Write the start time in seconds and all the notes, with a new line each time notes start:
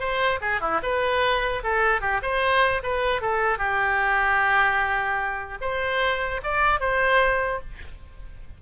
0.00 C5
0.41 G#4
0.61 E4
0.83 B4
1.63 A4
2.01 G4
2.22 C5
2.83 B4
3.21 A4
3.58 G4
5.61 C5
6.43 D5
6.80 C5